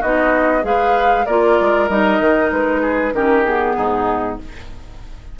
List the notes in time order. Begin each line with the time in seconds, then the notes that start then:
0.00 B3 D#4 F#4 D#5
0.62 G#3 G#4 B4 F5
1.26 A#3 F4 A#4 D5
1.60 G#3
1.89 G3 D#4 D#5
2.20 D#3
2.51 G#3 B4
2.82 G#4
3.13 D#3 C#4 G4 A#4
3.44 B3 G#4
3.76 G#2 D#4